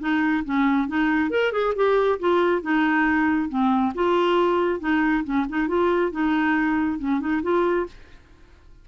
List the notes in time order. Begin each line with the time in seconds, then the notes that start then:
0.00 D#4
0.45 C#4
0.88 D#4
1.30 A#4
1.52 G#4
1.76 G4
2.20 F4
2.62 D#4
3.49 C4
3.95 F4
4.80 D#4
5.24 C#4
5.49 D#4
5.68 F4
6.12 D#4
6.99 C#4
7.20 D#4
7.43 F4